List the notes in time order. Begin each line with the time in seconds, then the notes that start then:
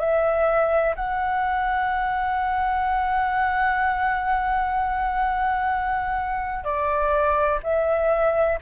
0.00 E5
0.96 F#5
6.65 D5
7.64 E5